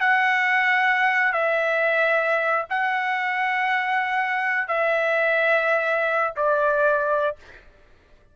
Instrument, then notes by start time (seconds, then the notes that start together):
trumpet
0.00 F#5
1.32 E5
2.70 F#5
4.68 E5
6.36 D5